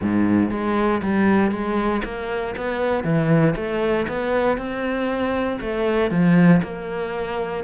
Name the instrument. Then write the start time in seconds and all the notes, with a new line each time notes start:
cello
0.01 G#2
0.50 G#3
1.02 G3
1.51 G#3
2.04 A#3
2.57 B3
3.04 E3
3.56 A3
4.07 B3
4.57 C4
5.60 A3
6.10 F3
6.62 A#3